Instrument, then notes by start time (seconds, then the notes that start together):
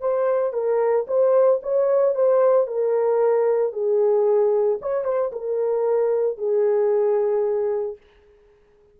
horn
0.00 C5
0.53 A#4
1.07 C5
1.62 C#5
2.15 C5
2.67 A#4
3.72 G#4
4.81 C#5
5.04 C5
5.32 A#4
6.37 G#4